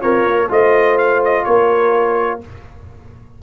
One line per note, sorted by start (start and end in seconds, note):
0.00 0.25 C4
0.00 0.48 F4
0.00 0.49 A#4
0.00 0.49 C#5
0.25 0.49 A#3
0.49 1.45 A3
0.49 2.41 F4
0.49 1.45 C5
0.49 0.98 D#5
0.98 1.22 F5
1.24 1.44 D#5
1.44 2.42 A#3
1.44 2.41 A#4
1.44 2.40 C#5